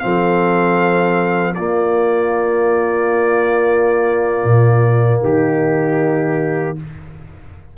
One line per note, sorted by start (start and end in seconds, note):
0.00 1.57 F3
0.00 1.56 C4
0.00 1.55 A4
0.00 1.54 F5
1.55 4.44 A#3
1.55 6.77 A#3
1.55 5.20 F4
1.55 5.20 D5
4.44 5.21 A#2
5.21 6.78 D#3
5.21 6.75 D#4
5.21 6.78 G4